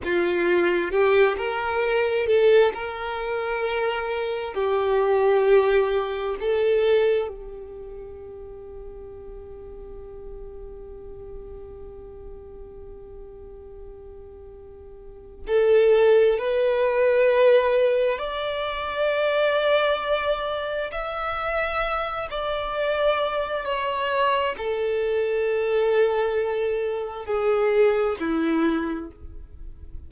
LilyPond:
\new Staff \with { instrumentName = "violin" } { \time 4/4 \tempo 4 = 66 f'4 g'8 ais'4 a'8 ais'4~ | ais'4 g'2 a'4 | g'1~ | g'1~ |
g'4 a'4 b'2 | d''2. e''4~ | e''8 d''4. cis''4 a'4~ | a'2 gis'4 e'4 | }